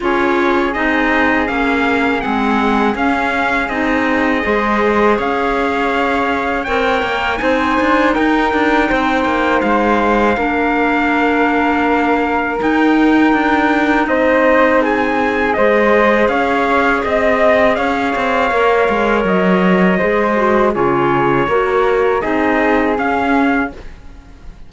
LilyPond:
<<
  \new Staff \with { instrumentName = "trumpet" } { \time 4/4 \tempo 4 = 81 cis''4 dis''4 f''4 fis''4 | f''4 dis''2 f''4~ | f''4 g''4 gis''4 g''4~ | g''4 f''2.~ |
f''4 g''2 dis''4 | gis''4 dis''4 f''4 dis''4 | f''2 dis''2 | cis''2 dis''4 f''4 | }
  \new Staff \with { instrumentName = "flute" } { \time 4/4 gis'1~ | gis'2 c''4 cis''4~ | cis''2 c''4 ais'4 | c''2 ais'2~ |
ais'2. c''4 | gis'4 c''4 cis''4 dis''4 | cis''2. c''4 | gis'4 ais'4 gis'2 | }
  \new Staff \with { instrumentName = "clarinet" } { \time 4/4 f'4 dis'4 cis'4 c'4 | cis'4 dis'4 gis'2~ | gis'4 ais'4 dis'2~ | dis'2 d'2~ |
d'4 dis'2.~ | dis'4 gis'2.~ | gis'4 ais'2 gis'8 fis'8 | f'4 fis'4 dis'4 cis'4 | }
  \new Staff \with { instrumentName = "cello" } { \time 4/4 cis'4 c'4 ais4 gis4 | cis'4 c'4 gis4 cis'4~ | cis'4 c'8 ais8 c'8 d'8 dis'8 d'8 | c'8 ais8 gis4 ais2~ |
ais4 dis'4 d'4 c'4~ | c'4 gis4 cis'4 c'4 | cis'8 c'8 ais8 gis8 fis4 gis4 | cis4 ais4 c'4 cis'4 | }
>>